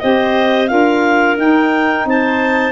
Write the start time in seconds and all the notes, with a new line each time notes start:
0.00 C4 G4 C5 D#5
0.67 D4 F4 A#4 F5
1.37 D#4 G5
2.05 C4 C5 A5